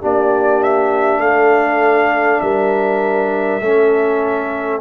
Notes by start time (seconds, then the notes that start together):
0.00 A#3 D4 G4 D5
0.63 E5
1.19 A3 A4 F5
2.41 G3 A#4 E5
3.61 A3 C#4 A4